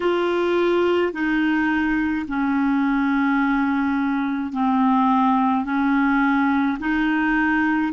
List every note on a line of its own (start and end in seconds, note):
0.00 1.13 F4
1.13 2.26 D#4
2.27 4.53 C#4
4.53 5.64 C4
5.64 6.78 C#4
6.79 7.92 D#4